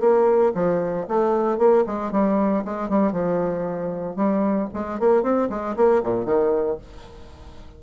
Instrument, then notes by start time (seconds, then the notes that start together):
bassoon
0.00 A#3
0.54 F3
1.08 A3
1.58 A#3
1.86 G#3
2.12 G3
2.64 G#3
2.89 G3
3.12 F3
4.16 G3
4.73 G#3
4.99 A#3
5.23 C4
5.49 G#3
5.76 A#3
6.03 A#2
6.25 D#3